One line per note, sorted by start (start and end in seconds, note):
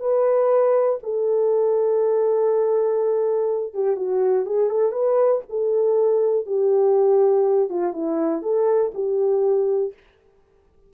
0.00 0.99 B4
1.03 3.74 A4
3.74 3.96 G4
3.96 4.46 F#4
4.46 4.70 G#4
4.70 4.92 A4
4.92 5.42 B4
5.50 6.46 A4
6.46 7.69 G4
7.69 7.93 F4
7.93 8.42 E4
8.42 8.92 A4
8.94 9.93 G4